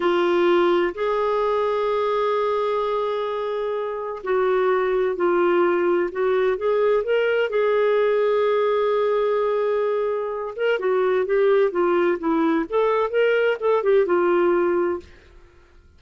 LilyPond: \new Staff \with { instrumentName = "clarinet" } { \time 4/4 \tempo 4 = 128 f'2 gis'2~ | gis'1~ | gis'4 fis'2 f'4~ | f'4 fis'4 gis'4 ais'4 |
gis'1~ | gis'2~ gis'8 ais'8 fis'4 | g'4 f'4 e'4 a'4 | ais'4 a'8 g'8 f'2 | }